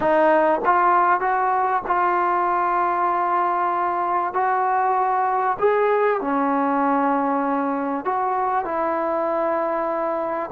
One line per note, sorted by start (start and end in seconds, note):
0.00 0.60 D#4
0.65 1.20 F4
1.20 1.82 F#4
1.86 4.33 F4
4.33 5.57 F#4
5.59 6.20 G#4
6.20 8.04 C#4
8.04 8.65 F#4
8.65 10.50 E4